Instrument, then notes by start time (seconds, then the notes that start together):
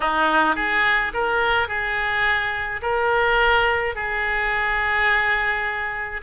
oboe
0.00 D#4
0.55 G#4
1.13 A#4
1.68 G#4
2.81 A#4
3.95 G#4